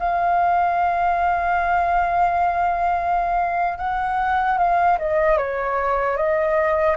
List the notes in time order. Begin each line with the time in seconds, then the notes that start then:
0.00 F5
3.79 F#5
4.59 F5
4.99 D#5
5.38 C#5
6.17 D#5